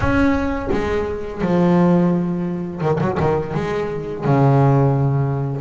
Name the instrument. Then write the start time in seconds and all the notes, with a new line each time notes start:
double bass
0.00 C#4
0.71 G#3
1.41 F3
2.81 D#3
3.00 F#3
3.20 D#3
3.54 G#3
4.24 C#3